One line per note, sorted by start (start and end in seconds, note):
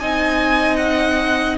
0.00 1.58 C4
0.00 1.58 D#4
0.00 1.58 D#5
0.00 0.76 G#5
0.76 1.56 F#5